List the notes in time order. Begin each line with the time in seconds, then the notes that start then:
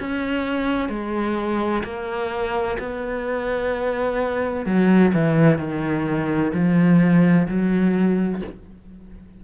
0.00 C#4
0.89 G#3
1.84 A#3
2.79 B3
4.66 F#3
5.14 E3
5.59 D#3
6.54 F3
7.48 F#3